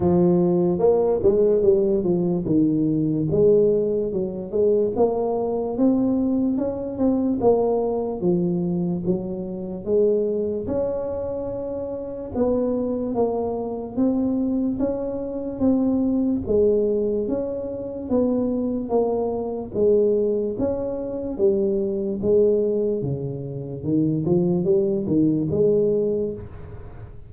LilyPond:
\new Staff \with { instrumentName = "tuba" } { \time 4/4 \tempo 4 = 73 f4 ais8 gis8 g8 f8 dis4 | gis4 fis8 gis8 ais4 c'4 | cis'8 c'8 ais4 f4 fis4 | gis4 cis'2 b4 |
ais4 c'4 cis'4 c'4 | gis4 cis'4 b4 ais4 | gis4 cis'4 g4 gis4 | cis4 dis8 f8 g8 dis8 gis4 | }